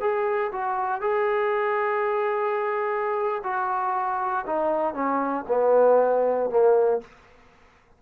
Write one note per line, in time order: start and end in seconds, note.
0.00 0.51 G#4
0.52 1.01 F#4
1.01 3.42 G#4
3.43 4.45 F#4
4.46 4.93 D#4
4.93 5.44 C#4
5.48 6.49 B3
6.49 7.00 A#3